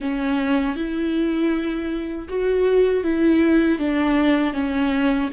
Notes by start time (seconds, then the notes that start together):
0.00 C#4
0.76 E4
2.28 F#4
3.03 E4
3.78 D4
4.53 C#4